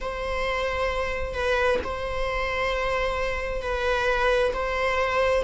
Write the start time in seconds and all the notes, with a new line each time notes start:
0.00 C5
1.33 B4
1.84 C5
3.62 B4
4.53 C5